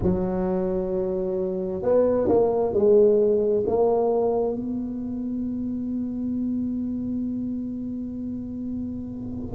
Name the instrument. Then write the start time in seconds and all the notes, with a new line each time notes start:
tuba
0.02 F#3
1.82 B3
2.28 A#3
2.73 G#3
3.66 A#3
4.55 B3